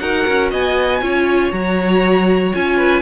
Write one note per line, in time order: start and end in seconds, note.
0.00 0.26 D#4
0.00 1.03 F#4
0.00 0.51 A#4
0.00 0.50 F#5
0.28 0.53 C#4
0.51 1.01 B3
0.51 1.02 D#5
0.51 1.52 G#5
1.01 1.52 C#4
1.01 1.53 F4
1.01 2.77 C#5
1.52 2.53 F#3
1.52 2.53 F#4
1.52 2.53 A#5
2.53 3.02 C#4
2.53 3.02 F4
2.53 3.02 G#5
2.77 3.02 B4